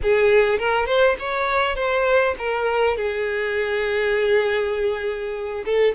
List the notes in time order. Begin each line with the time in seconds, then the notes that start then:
0.02 G#4
0.59 A#4
0.86 C5
1.19 C#5
1.75 C5
2.38 A#4
2.96 G#4
5.65 A4